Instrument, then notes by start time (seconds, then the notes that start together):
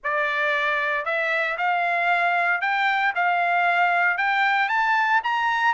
trumpet
0.03 D5
1.05 E5
1.57 F5
2.61 G5
3.15 F5
4.17 G5
4.68 A5
5.23 A#5